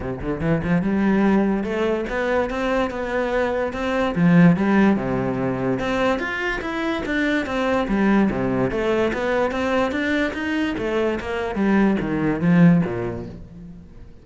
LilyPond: \new Staff \with { instrumentName = "cello" } { \time 4/4 \tempo 4 = 145 c8 d8 e8 f8 g2 | a4 b4 c'4 b4~ | b4 c'4 f4 g4 | c2 c'4 f'4 |
e'4 d'4 c'4 g4 | c4 a4 b4 c'4 | d'4 dis'4 a4 ais4 | g4 dis4 f4 ais,4 | }